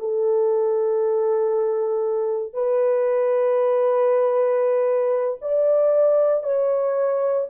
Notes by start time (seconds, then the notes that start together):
0.00 A4
2.54 B4
5.42 D5
6.44 C#5